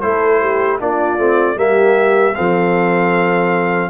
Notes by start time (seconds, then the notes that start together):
0.00 A3 E4 A4 C5
0.41 G4
0.80 A#3 D4 F4 D5
1.18 A3 C4
1.56 G3 A#3 G4 E5
2.35 F3 C4 A4 F5